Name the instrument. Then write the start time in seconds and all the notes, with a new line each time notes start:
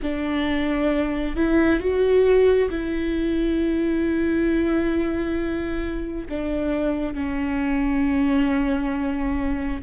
viola
0.02 D4
1.36 E4
1.79 F#4
2.69 E4
6.28 D4
7.14 C#4